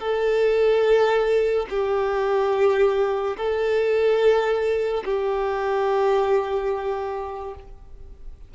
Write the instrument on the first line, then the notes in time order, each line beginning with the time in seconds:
violin
0.00 A4
1.70 G4
3.37 A4
5.05 G4